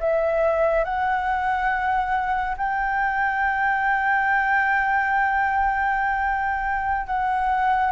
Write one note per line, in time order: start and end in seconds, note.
0.00 0.85 E5
0.85 2.56 F#5
2.58 7.07 G5
7.07 7.92 F#5